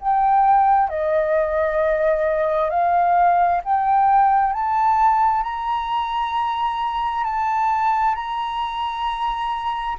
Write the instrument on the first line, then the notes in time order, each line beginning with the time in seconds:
flute
0.00 G5
0.90 D#5
2.70 F5
3.65 G5
4.53 A5
5.43 A#5
7.24 A5
8.16 A#5